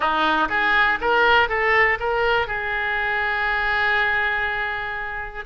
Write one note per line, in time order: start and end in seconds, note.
0.00 0.48 D#4
0.49 0.98 G#4
1.00 1.48 A#4
1.48 1.98 A4
1.99 2.47 A#4
2.47 5.44 G#4